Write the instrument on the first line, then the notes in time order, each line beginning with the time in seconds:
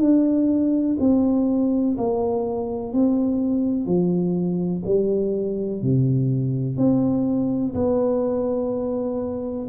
tuba
0.00 D4
0.99 C4
1.97 A#3
2.93 C4
3.86 F3
4.85 G3
5.82 C3
6.77 C4
7.74 B3